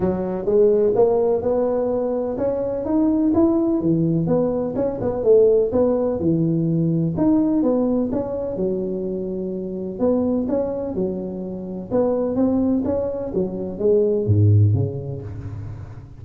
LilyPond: \new Staff \with { instrumentName = "tuba" } { \time 4/4 \tempo 4 = 126 fis4 gis4 ais4 b4~ | b4 cis'4 dis'4 e'4 | e4 b4 cis'8 b8 a4 | b4 e2 dis'4 |
b4 cis'4 fis2~ | fis4 b4 cis'4 fis4~ | fis4 b4 c'4 cis'4 | fis4 gis4 gis,4 cis4 | }